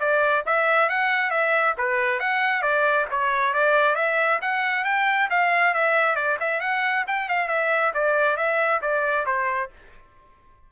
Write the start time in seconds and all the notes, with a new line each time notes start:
0.00 D5
0.46 E5
0.90 F#5
1.31 E5
1.78 B4
2.20 F#5
2.62 D5
3.11 C#5
3.54 D5
3.95 E5
4.42 F#5
4.85 G5
5.30 F5
5.74 E5
6.16 D5
6.40 E5
6.61 F#5
7.07 G5
7.29 F5
7.48 E5
7.94 D5
8.37 E5
8.82 D5
9.26 C5